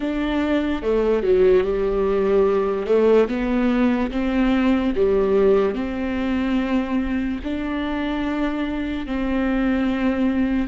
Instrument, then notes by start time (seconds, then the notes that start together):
viola
0.00 D4
0.82 A3
1.22 F#3
1.63 G3
2.86 A3
3.28 B3
4.11 C4
4.95 G3
5.75 C4
7.43 D4
9.06 C4